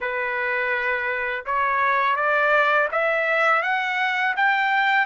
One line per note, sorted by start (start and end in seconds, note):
0.00 1.45 B4
1.45 2.16 C#5
2.16 2.88 D5
2.91 3.62 E5
3.62 4.34 F#5
4.36 5.05 G5